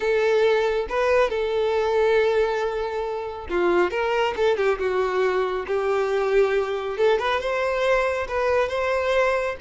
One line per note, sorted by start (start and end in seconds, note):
0.00 0.87 A4
0.89 1.29 B4
1.29 3.47 A4
3.49 3.91 F4
3.91 4.34 A#4
4.36 4.57 A4
4.57 4.78 G4
4.78 5.65 F#4
5.67 6.97 G4
6.97 7.18 A4
7.18 7.40 B4
7.40 8.27 C5
8.28 8.69 B4
8.69 9.55 C5